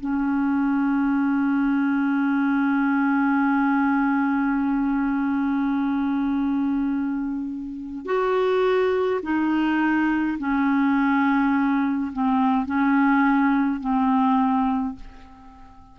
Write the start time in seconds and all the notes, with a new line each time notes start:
0.00 C#4
8.05 F#4
9.22 D#4
10.38 C#4
12.12 C4
12.66 C#4
13.80 C4